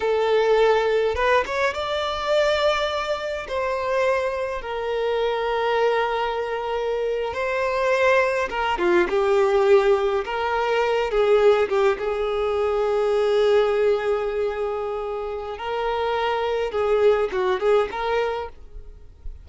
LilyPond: \new Staff \with { instrumentName = "violin" } { \time 4/4 \tempo 4 = 104 a'2 b'8 cis''8 d''4~ | d''2 c''2 | ais'1~ | ais'8. c''2 ais'8 f'8 g'16~ |
g'4.~ g'16 ais'4. gis'8.~ | gis'16 g'8 gis'2.~ gis'16~ | gis'2. ais'4~ | ais'4 gis'4 fis'8 gis'8 ais'4 | }